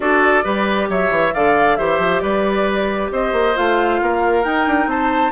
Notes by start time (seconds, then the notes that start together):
0.00 D4 F#4 A4 D5
0.43 G3 G4 B4
0.89 F#3 C#5 E5
1.10 E3
1.33 D3 A4 D5 F5
1.76 E3 G4 C5 E5
1.98 F3
2.20 G3 B4 D5
3.11 C4 C5 D#5
3.32 A#3
3.55 A3 F4 F5
4.01 A#3 A#4
4.44 D#4 G5
4.66 D4
4.86 C4 C5 A5